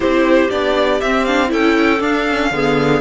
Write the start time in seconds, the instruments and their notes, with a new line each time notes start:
0.00 cello C4, viola E4, clarinet G4, violin C5
0.50 cello B3, viola D4, violin D5
1.01 cello C4, viola C4, violin E5
1.24 viola D4, violin F5
1.47 cello C#4, viola E4, clarinet A4, violin G5
1.99 viola D4, cello D4, violin F5
2.29 viola C#4
2.50 cello D3, viola B3, clarinet G#4